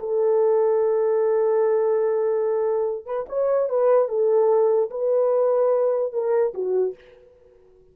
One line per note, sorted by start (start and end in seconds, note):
0.00 3.06 A4
3.06 3.27 B4
3.29 3.70 C#5
3.70 4.09 B4
4.09 4.90 A4
4.91 6.13 B4
6.13 6.54 A#4
6.54 6.95 F#4